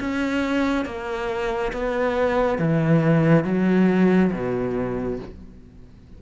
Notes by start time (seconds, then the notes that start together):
0.00 C#4
0.85 A#3
1.73 B3
2.59 E3
3.44 F#3
4.32 B2